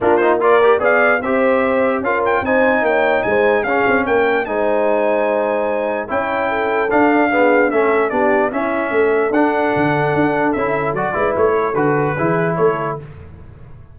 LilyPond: <<
  \new Staff \with { instrumentName = "trumpet" } { \time 4/4 \tempo 4 = 148 ais'8 c''8 d''4 f''4 e''4~ | e''4 f''8 g''8 gis''4 g''4 | gis''4 f''4 g''4 gis''4~ | gis''2. g''4~ |
g''4 f''2 e''4 | d''4 e''2 fis''4~ | fis''2 e''4 d''4 | cis''4 b'2 cis''4 | }
  \new Staff \with { instrumentName = "horn" } { \time 4/4 f'4 ais'4 d''4 c''4~ | c''4 ais'4 c''4 cis''4 | c''4 gis'4 ais'4 c''4~ | c''2. cis''4 |
a'2 gis'4 a'4 | g'4 e'4 a'2~ | a'2.~ a'8 b'8~ | b'8 a'4. gis'4 a'4 | }
  \new Staff \with { instrumentName = "trombone" } { \time 4/4 d'8 dis'8 f'8 g'8 gis'4 g'4~ | g'4 f'4 dis'2~ | dis'4 cis'2 dis'4~ | dis'2. e'4~ |
e'4 d'4 b4 cis'4 | d'4 cis'2 d'4~ | d'2 e'4 fis'8 e'8~ | e'4 fis'4 e'2 | }
  \new Staff \with { instrumentName = "tuba" } { \time 4/4 ais2 b4 c'4~ | c'4 cis'4 c'4 ais4 | gis4 cis'8 c'8 ais4 gis4~ | gis2. cis'4~ |
cis'4 d'2 a4 | b4 cis'4 a4 d'4 | d4 d'4 cis'4 fis8 gis8 | a4 d4 e4 a4 | }
>>